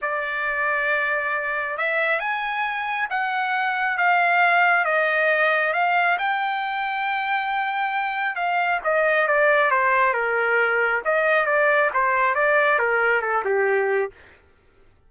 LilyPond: \new Staff \with { instrumentName = "trumpet" } { \time 4/4 \tempo 4 = 136 d''1 | e''4 gis''2 fis''4~ | fis''4 f''2 dis''4~ | dis''4 f''4 g''2~ |
g''2. f''4 | dis''4 d''4 c''4 ais'4~ | ais'4 dis''4 d''4 c''4 | d''4 ais'4 a'8 g'4. | }